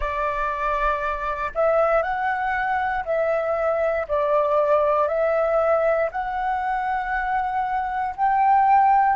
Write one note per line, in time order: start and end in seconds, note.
0.00 1.51 D5
1.54 2.02 E5
2.02 3.04 F#5
3.05 4.07 E5
4.08 5.08 D5
5.08 6.09 E5
6.11 8.14 F#5
8.15 9.16 G5